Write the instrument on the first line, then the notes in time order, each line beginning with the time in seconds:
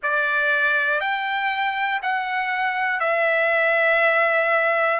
trumpet
0.02 D5
1.00 G5
2.02 F#5
3.00 E5